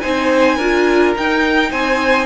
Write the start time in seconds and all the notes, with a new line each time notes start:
0.00 C4 D#4 C5 G#5
0.57 D4 F4 A#4
1.16 D#4 G5
1.71 C4 C5 G#5